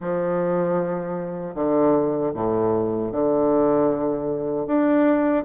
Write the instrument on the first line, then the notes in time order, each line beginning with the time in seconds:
bassoon
0.00 F3
1.54 D3
2.34 A2
3.12 D3
4.66 D4